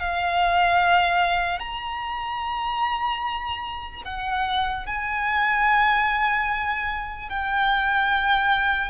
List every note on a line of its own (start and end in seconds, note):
0.00 1.60 F5
1.60 4.03 A#5
4.05 4.86 F#5
4.86 7.30 G#5
7.30 8.90 G5